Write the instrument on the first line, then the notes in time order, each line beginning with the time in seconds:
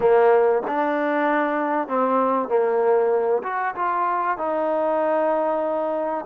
trombone
0.00 A#3
0.67 D4
1.88 C4
2.48 A#3
3.43 F#4
3.75 F4
4.38 D#4